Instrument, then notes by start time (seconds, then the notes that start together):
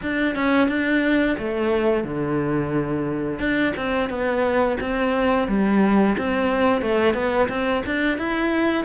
cello
0.02 D4
0.35 C#4
0.68 D4
1.38 A3
2.04 D3
3.39 D4
3.76 C4
4.09 B3
4.80 C4
5.48 G3
6.17 C4
6.81 A3
7.14 B3
7.48 C4
7.86 D4
8.18 E4